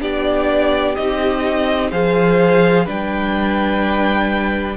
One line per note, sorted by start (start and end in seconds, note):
0.00 0.95 B3
0.00 0.96 D4
0.00 1.90 G4
0.00 0.95 D5
0.95 1.91 C4
0.95 1.91 D#4
0.95 1.90 D#5
1.90 2.87 F3
1.90 2.86 G#4
1.90 2.85 C5
1.90 2.86 F5
2.85 4.77 G3
2.85 4.76 D4
2.85 4.76 B4
2.85 4.77 G5